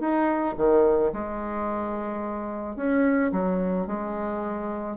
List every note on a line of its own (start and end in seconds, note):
0.00 0.55 D#4
0.57 1.12 D#3
1.13 2.76 G#3
2.76 3.31 C#4
3.32 3.87 F#3
3.87 4.97 G#3